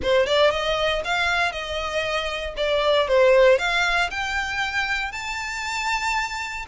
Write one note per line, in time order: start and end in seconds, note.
0.02 0.26 C5
0.26 0.51 D5
0.51 1.02 D#5
1.04 1.52 F5
1.52 2.54 D#5
2.56 3.07 D5
3.07 3.58 C5
3.58 4.09 F5
4.10 5.11 G5
5.11 6.65 A5